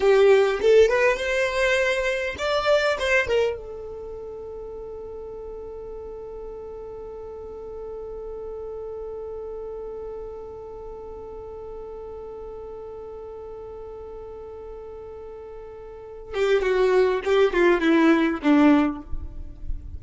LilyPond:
\new Staff \with { instrumentName = "violin" } { \time 4/4 \tempo 4 = 101 g'4 a'8 b'8 c''2 | d''4 c''8 ais'8 a'2~ | a'1~ | a'1~ |
a'1~ | a'1~ | a'2.~ a'8 g'8 | fis'4 g'8 f'8 e'4 d'4 | }